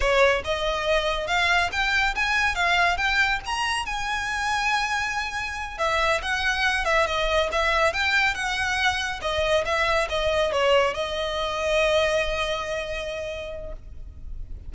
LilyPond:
\new Staff \with { instrumentName = "violin" } { \time 4/4 \tempo 4 = 140 cis''4 dis''2 f''4 | g''4 gis''4 f''4 g''4 | ais''4 gis''2.~ | gis''4. e''4 fis''4. |
e''8 dis''4 e''4 g''4 fis''8~ | fis''4. dis''4 e''4 dis''8~ | dis''8 cis''4 dis''2~ dis''8~ | dis''1 | }